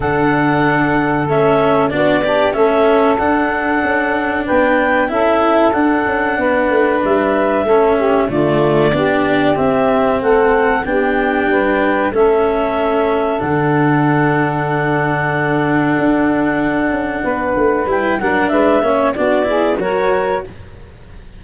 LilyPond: <<
  \new Staff \with { instrumentName = "clarinet" } { \time 4/4 \tempo 4 = 94 fis''2 e''4 d''4 | e''4 fis''2 g''4 | e''4 fis''2 e''4~ | e''4 d''2 e''4 |
fis''4 g''2 e''4~ | e''4 fis''2.~ | fis''1 | g''8 fis''8 e''4 d''4 cis''4 | }
  \new Staff \with { instrumentName = "saxophone" } { \time 4/4 a'2. fis'8 d'8 | a'2. b'4 | a'2 b'2 | a'8 g'8 f'4 g'2 |
a'4 g'4 b'4 a'4~ | a'1~ | a'2. b'4~ | b'8 ais'8 b'8 cis''8 fis'8 gis'8 ais'4 | }
  \new Staff \with { instrumentName = "cello" } { \time 4/4 d'2 cis'4 d'8 g'8 | cis'4 d'2. | e'4 d'2. | cis'4 a4 d'4 c'4~ |
c'4 d'2 cis'4~ | cis'4 d'2.~ | d'1 | e'8 d'4 cis'8 d'8 e'8 fis'4 | }
  \new Staff \with { instrumentName = "tuba" } { \time 4/4 d2 a4 b4 | a4 d'4 cis'4 b4 | cis'4 d'8 cis'8 b8 a8 g4 | a4 d4 b4 c'4 |
a4 b4 g4 a4~ | a4 d2.~ | d4 d'4. cis'8 b8 a8 | g8 fis8 gis8 ais8 b4 fis4 | }
>>